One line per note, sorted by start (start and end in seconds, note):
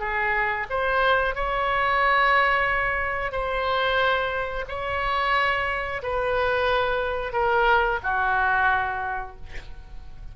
0.00 0.67 G#4
0.70 1.35 C5
1.35 3.32 C#5
3.32 4.65 C5
4.68 6.02 C#5
6.03 7.33 B4
7.33 8.00 A#4
8.03 9.36 F#4